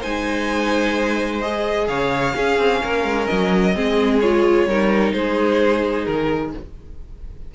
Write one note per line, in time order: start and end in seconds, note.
0.00 1.88 G#3
0.00 1.42 D#4
0.00 1.86 C5
0.00 1.42 G#5
1.42 2.34 G#4
1.42 1.88 D#5
1.88 2.35 C#3
1.88 2.35 C#5
1.88 3.26 F5
2.34 3.74 C#4
2.34 2.59 C#4
2.34 2.82 G#4
2.59 2.82 C4
2.82 3.04 A#3
2.82 3.75 A#4
3.04 3.27 G#3
3.26 3.76 F#3
3.26 4.19 D#5
3.75 4.66 G#3
3.75 4.21 C4
3.75 4.68 G#4
4.20 4.69 F4
4.20 5.12 C#5
4.66 5.13 G3
4.66 6.55 D#4
4.66 5.15 A#4
5.12 6.07 G#3
5.12 6.54 G#4
5.12 6.05 C5
6.05 6.54 D#3
6.05 6.52 A#4